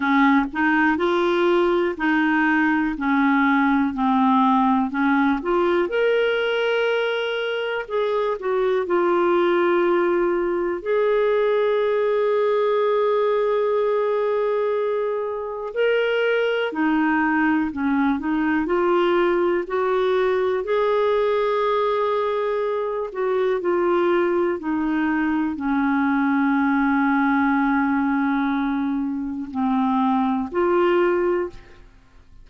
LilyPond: \new Staff \with { instrumentName = "clarinet" } { \time 4/4 \tempo 4 = 61 cis'8 dis'8 f'4 dis'4 cis'4 | c'4 cis'8 f'8 ais'2 | gis'8 fis'8 f'2 gis'4~ | gis'1 |
ais'4 dis'4 cis'8 dis'8 f'4 | fis'4 gis'2~ gis'8 fis'8 | f'4 dis'4 cis'2~ | cis'2 c'4 f'4 | }